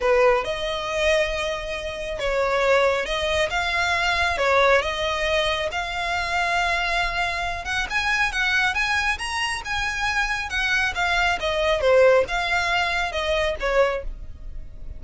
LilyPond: \new Staff \with { instrumentName = "violin" } { \time 4/4 \tempo 4 = 137 b'4 dis''2.~ | dis''4 cis''2 dis''4 | f''2 cis''4 dis''4~ | dis''4 f''2.~ |
f''4. fis''8 gis''4 fis''4 | gis''4 ais''4 gis''2 | fis''4 f''4 dis''4 c''4 | f''2 dis''4 cis''4 | }